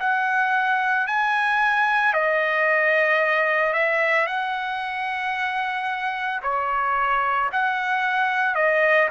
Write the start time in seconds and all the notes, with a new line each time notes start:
0.00 F#5
1.07 G#5
2.14 D#5
3.73 E5
4.27 F#5
6.43 C#5
7.52 F#5
8.55 D#5